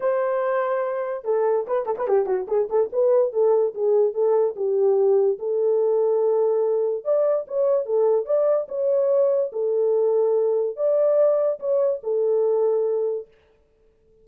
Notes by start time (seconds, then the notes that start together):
0.00 C5
1.24 A4
1.67 B4
1.85 A4
1.97 B4
2.07 G4
2.26 F#4
2.47 G#4
2.69 A4
2.92 B4
3.32 A4
3.74 G#4
4.13 A4
4.55 G4
5.38 A4
7.04 D5
7.47 C#5
7.85 A4
8.25 D5
8.68 C#5
9.52 A4
10.76 D5
11.59 C#5
12.03 A4